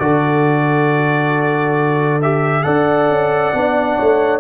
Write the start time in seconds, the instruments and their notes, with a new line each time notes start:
0.00 tuba D3, trombone F#4, horn A4, trumpet D5
2.22 trombone G4, trumpet E5
2.64 tuba D4, trombone A4, horn D5, trumpet F#5
3.09 tuba C#4
3.54 tuba B3, trombone D4
3.98 tuba A3, horn C#5